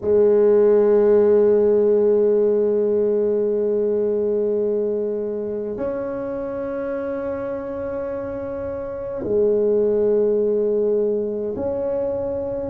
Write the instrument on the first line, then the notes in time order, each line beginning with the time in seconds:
tuba
0.01 G#3
5.76 C#4
9.23 G#3
11.56 C#4